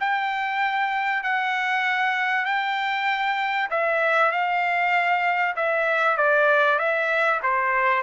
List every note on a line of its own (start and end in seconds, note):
0.00 1.23 G5
1.23 2.45 F#5
2.45 3.69 G5
3.70 4.32 E5
4.32 5.55 F5
5.56 6.17 E5
6.17 6.79 D5
6.79 7.41 E5
7.43 8.03 C5